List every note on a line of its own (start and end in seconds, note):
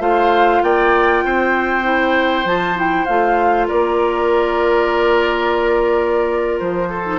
0.00 0.61 A3
0.00 1.84 F4
0.00 0.62 C5
0.00 0.63 F5
0.63 1.24 A#3
0.63 1.25 D5
0.63 2.47 G5
1.24 2.45 C4
1.24 3.68 C5
1.84 2.45 E4
2.45 3.07 F3
2.45 2.76 F4
2.45 2.78 A5
2.76 3.07 E4
2.76 3.05 G5
3.05 3.70 A3
3.05 7.06 F4
3.05 3.67 F5
3.68 6.61 A#3
3.68 6.89 A#4
3.68 6.59 D5
6.59 7.20 F3
6.59 7.20 C5
6.90 7.20 A4
7.06 7.20 D#4